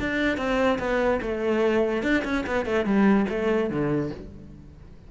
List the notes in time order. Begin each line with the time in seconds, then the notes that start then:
0.00 D4
0.38 C4
0.79 B3
1.22 A3
2.03 D4
2.25 C#4
2.47 B3
2.66 A3
2.85 G3
3.30 A3
3.70 D3